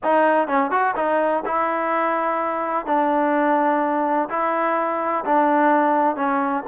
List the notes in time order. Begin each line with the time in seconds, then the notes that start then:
0.03 D#4
0.47 C#4
0.71 F#4
0.95 D#4
1.45 E4
2.85 D4
4.29 E4
5.25 D4
6.16 C#4